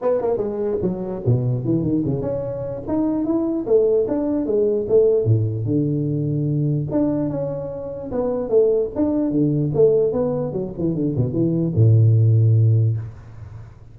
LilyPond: \new Staff \with { instrumentName = "tuba" } { \time 4/4 \tempo 4 = 148 b8 ais8 gis4 fis4 b,4 | e8 dis8 cis8 cis'4. dis'4 | e'4 a4 d'4 gis4 | a4 a,4 d2~ |
d4 d'4 cis'2 | b4 a4 d'4 d4 | a4 b4 fis8 e8 d8 b,8 | e4 a,2. | }